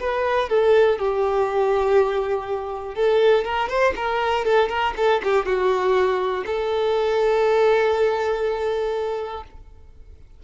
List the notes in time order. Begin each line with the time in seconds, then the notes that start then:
0.00 B4
0.49 A4
0.99 G4
2.95 A4
3.45 A#4
3.69 C5
3.96 A#4
4.45 A4
4.69 A#4
4.97 A4
5.24 G4
5.45 F#4
6.46 A4